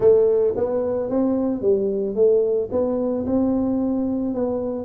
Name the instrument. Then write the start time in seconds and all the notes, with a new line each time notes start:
tuba
0.00 A3
0.56 B3
1.09 C4
1.61 G3
2.15 A3
2.71 B3
3.26 C4
4.34 B3